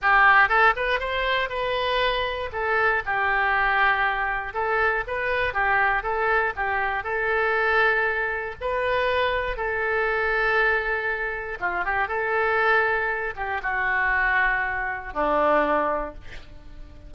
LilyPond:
\new Staff \with { instrumentName = "oboe" } { \time 4/4 \tempo 4 = 119 g'4 a'8 b'8 c''4 b'4~ | b'4 a'4 g'2~ | g'4 a'4 b'4 g'4 | a'4 g'4 a'2~ |
a'4 b'2 a'4~ | a'2. f'8 g'8 | a'2~ a'8 g'8 fis'4~ | fis'2 d'2 | }